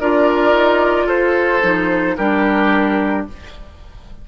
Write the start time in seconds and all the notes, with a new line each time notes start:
0.00 D4 F4 A#4 D5
0.52 D#4
1.05 F4 A4 C5
1.62 F3 D#4
2.16 G3 D4 G4 A#4